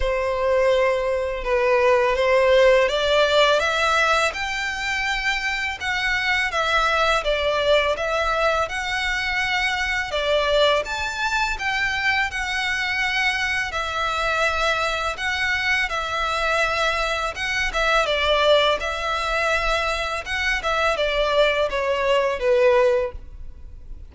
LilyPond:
\new Staff \with { instrumentName = "violin" } { \time 4/4 \tempo 4 = 83 c''2 b'4 c''4 | d''4 e''4 g''2 | fis''4 e''4 d''4 e''4 | fis''2 d''4 a''4 |
g''4 fis''2 e''4~ | e''4 fis''4 e''2 | fis''8 e''8 d''4 e''2 | fis''8 e''8 d''4 cis''4 b'4 | }